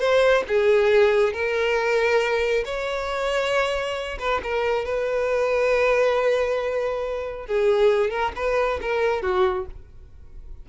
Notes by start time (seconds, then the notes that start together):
0.00 C5
0.48 G#4
1.33 A#4
2.65 C#5
4.19 B4
4.43 A#4
4.85 B4
7.47 G#4
8.10 A#4
8.36 B4
8.81 A#4
9.22 F#4